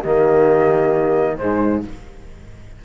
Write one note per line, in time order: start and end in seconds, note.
0.00 1.39 D#3
0.00 1.39 A#3
0.00 1.35 G4
0.00 1.37 D#5
1.37 1.84 G#2
1.37 1.84 G#3
1.37 1.84 D#4
1.37 1.83 C5